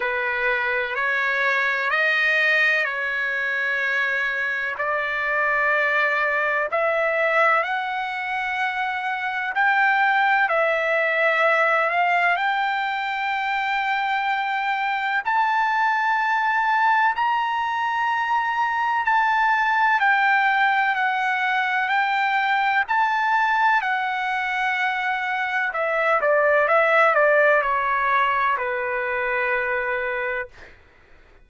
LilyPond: \new Staff \with { instrumentName = "trumpet" } { \time 4/4 \tempo 4 = 63 b'4 cis''4 dis''4 cis''4~ | cis''4 d''2 e''4 | fis''2 g''4 e''4~ | e''8 f''8 g''2. |
a''2 ais''2 | a''4 g''4 fis''4 g''4 | a''4 fis''2 e''8 d''8 | e''8 d''8 cis''4 b'2 | }